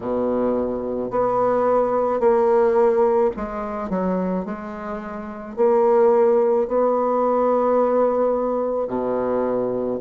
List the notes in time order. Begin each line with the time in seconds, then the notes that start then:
0.00 B2
1.10 B3
2.19 A#3
3.36 G#3
3.89 F#3
4.45 G#3
5.56 A#3
6.67 B3
8.87 B2